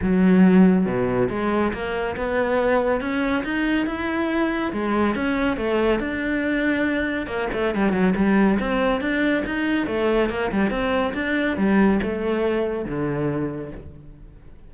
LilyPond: \new Staff \with { instrumentName = "cello" } { \time 4/4 \tempo 4 = 140 fis2 b,4 gis4 | ais4 b2 cis'4 | dis'4 e'2 gis4 | cis'4 a4 d'2~ |
d'4 ais8 a8 g8 fis8 g4 | c'4 d'4 dis'4 a4 | ais8 g8 c'4 d'4 g4 | a2 d2 | }